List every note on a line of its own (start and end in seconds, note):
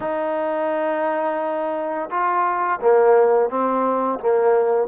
0.00 2.09 D#4
2.10 2.79 F4
2.81 3.49 A#3
3.49 4.19 C4
4.19 4.87 A#3